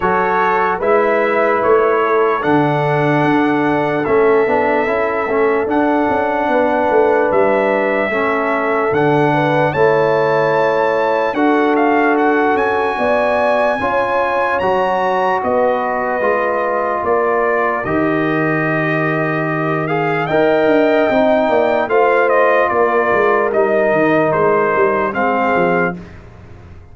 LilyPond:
<<
  \new Staff \with { instrumentName = "trumpet" } { \time 4/4 \tempo 4 = 74 cis''4 e''4 cis''4 fis''4~ | fis''4 e''2 fis''4~ | fis''4 e''2 fis''4 | a''2 fis''8 f''8 fis''8 gis''8~ |
gis''2 ais''4 dis''4~ | dis''4 d''4 dis''2~ | dis''8 f''8 g''2 f''8 dis''8 | d''4 dis''4 c''4 f''4 | }
  \new Staff \with { instrumentName = "horn" } { \time 4/4 a'4 b'4. a'4.~ | a'1 | b'2 a'4. b'8 | cis''2 a'2 |
d''4 cis''2 b'4~ | b'4 ais'2.~ | ais'4 dis''4. d''8 c''4 | ais'2. gis'4 | }
  \new Staff \with { instrumentName = "trombone" } { \time 4/4 fis'4 e'2 d'4~ | d'4 cis'8 d'8 e'8 cis'8 d'4~ | d'2 cis'4 d'4 | e'2 fis'2~ |
fis'4 f'4 fis'2 | f'2 g'2~ | g'8 gis'8 ais'4 dis'4 f'4~ | f'4 dis'2 c'4 | }
  \new Staff \with { instrumentName = "tuba" } { \time 4/4 fis4 gis4 a4 d4 | d'4 a8 b8 cis'8 a8 d'8 cis'8 | b8 a8 g4 a4 d4 | a2 d'4. cis'8 |
b4 cis'4 fis4 b4 | gis4 ais4 dis2~ | dis4 dis'8 d'8 c'8 ais8 a4 | ais8 gis8 g8 dis8 gis8 g8 gis8 f8 | }
>>